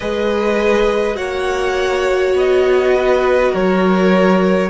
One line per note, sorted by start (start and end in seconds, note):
0.00 1.18 G#3
0.00 1.14 G#4
0.00 1.16 B4
0.00 1.16 D#5
1.14 2.35 A#3
1.14 4.67 F#4
1.14 2.93 C#5
1.14 2.34 F#5
2.35 3.52 B3
2.35 3.54 D#5
2.95 3.51 B4
3.51 4.69 F#3
3.51 4.69 A#4
3.51 4.69 C#5